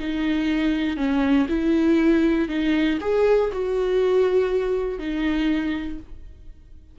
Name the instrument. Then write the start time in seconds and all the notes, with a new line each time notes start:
viola
0.00 D#4
0.97 C#4
1.49 E4
2.49 D#4
3.01 G#4
3.53 F#4
4.99 D#4